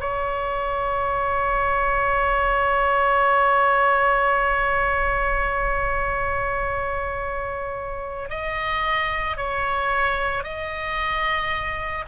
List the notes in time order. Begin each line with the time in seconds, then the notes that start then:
0.00 C#5
8.29 D#5
9.37 C#5
10.43 D#5